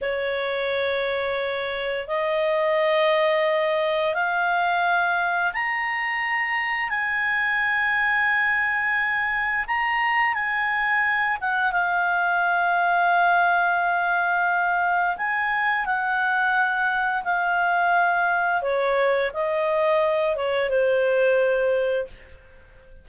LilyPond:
\new Staff \with { instrumentName = "clarinet" } { \time 4/4 \tempo 4 = 87 cis''2. dis''4~ | dis''2 f''2 | ais''2 gis''2~ | gis''2 ais''4 gis''4~ |
gis''8 fis''8 f''2.~ | f''2 gis''4 fis''4~ | fis''4 f''2 cis''4 | dis''4. cis''8 c''2 | }